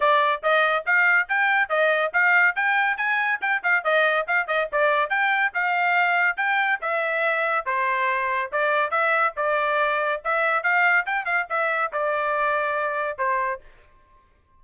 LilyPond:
\new Staff \with { instrumentName = "trumpet" } { \time 4/4 \tempo 4 = 141 d''4 dis''4 f''4 g''4 | dis''4 f''4 g''4 gis''4 | g''8 f''8 dis''4 f''8 dis''8 d''4 | g''4 f''2 g''4 |
e''2 c''2 | d''4 e''4 d''2 | e''4 f''4 g''8 f''8 e''4 | d''2. c''4 | }